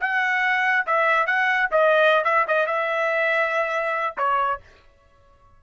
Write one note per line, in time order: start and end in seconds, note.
0.00 0.86 F#5
0.86 1.26 E5
1.26 1.69 F#5
1.71 2.24 D#5
2.24 2.46 E5
2.47 2.66 D#5
2.66 4.16 E5
4.17 4.60 C#5